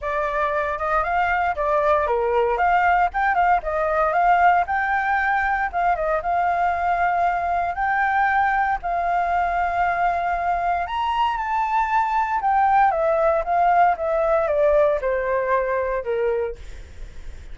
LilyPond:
\new Staff \with { instrumentName = "flute" } { \time 4/4 \tempo 4 = 116 d''4. dis''8 f''4 d''4 | ais'4 f''4 g''8 f''8 dis''4 | f''4 g''2 f''8 dis''8 | f''2. g''4~ |
g''4 f''2.~ | f''4 ais''4 a''2 | g''4 e''4 f''4 e''4 | d''4 c''2 ais'4 | }